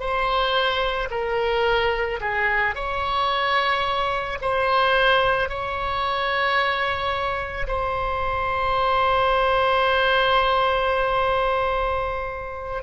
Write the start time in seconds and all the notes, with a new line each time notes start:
0.00 C5
1.11 A#4
2.21 G#4
2.75 C#5
4.42 C5
5.49 C#5
7.68 C5